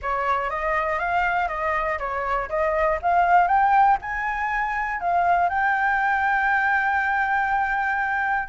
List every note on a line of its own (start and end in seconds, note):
0.01 0.50 C#5
0.50 0.99 D#5
0.99 1.48 F5
1.48 1.98 D#5
1.98 2.48 C#5
2.49 2.99 D#5
3.02 3.47 F5
3.47 3.97 G5
4.01 5.00 G#5
5.00 5.49 F5
5.49 8.48 G5